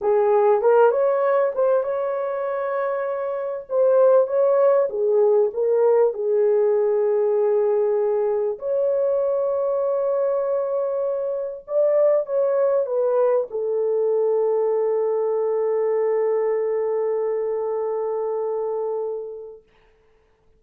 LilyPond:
\new Staff \with { instrumentName = "horn" } { \time 4/4 \tempo 4 = 98 gis'4 ais'8 cis''4 c''8 cis''4~ | cis''2 c''4 cis''4 | gis'4 ais'4 gis'2~ | gis'2 cis''2~ |
cis''2. d''4 | cis''4 b'4 a'2~ | a'1~ | a'1 | }